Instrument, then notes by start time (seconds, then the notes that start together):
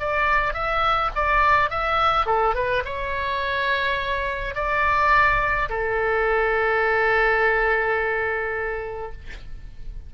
oboe
0.00 D5
0.54 E5
1.16 D5
1.70 E5
2.26 A4
2.55 B4
2.85 C#5
4.55 D5
5.69 A4